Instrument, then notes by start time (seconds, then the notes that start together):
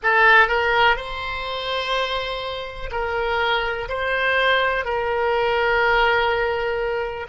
oboe
0.03 A4
0.48 A#4
0.96 C5
2.91 A#4
3.88 C5
4.84 A#4